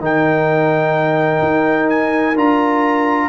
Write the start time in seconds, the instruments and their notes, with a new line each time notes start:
0.00 tuba D#3, trombone D#4, horn A#4, trumpet G5
1.43 tuba D#4
1.90 trumpet G#5
2.36 tuba D4, trombone F4, trumpet A#5